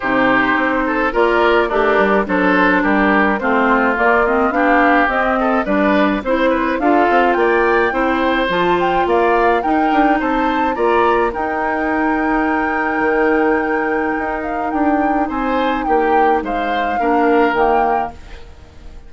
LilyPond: <<
  \new Staff \with { instrumentName = "flute" } { \time 4/4 \tempo 4 = 106 c''2 d''4 ais'4 | c''4 ais'4 c''4 d''8 dis''8 | f''4 dis''4 d''4 c''4 | f''4 g''2 a''8 g''8 |
f''4 g''4 a''4 ais''4 | g''1~ | g''4. f''8 g''4 gis''4 | g''4 f''2 g''4 | }
  \new Staff \with { instrumentName = "oboe" } { \time 4/4 g'4. a'8 ais'4 d'4 | a'4 g'4 f'2 | g'4. a'8 b'4 c''8 b'8 | a'4 d''4 c''2 |
d''4 ais'4 c''4 d''4 | ais'1~ | ais'2. c''4 | g'4 c''4 ais'2 | }
  \new Staff \with { instrumentName = "clarinet" } { \time 4/4 dis'2 f'4 g'4 | d'2 c'4 ais8 c'8 | d'4 c'4 d'4 e'4 | f'2 e'4 f'4~ |
f'4 dis'2 f'4 | dis'1~ | dis'1~ | dis'2 d'4 ais4 | }
  \new Staff \with { instrumentName = "bassoon" } { \time 4/4 c4 c'4 ais4 a8 g8 | fis4 g4 a4 ais4 | b4 c'4 g4 c'4 | d'8 c'8 ais4 c'4 f4 |
ais4 dis'8 d'8 c'4 ais4 | dis'2. dis4~ | dis4 dis'4 d'4 c'4 | ais4 gis4 ais4 dis4 | }
>>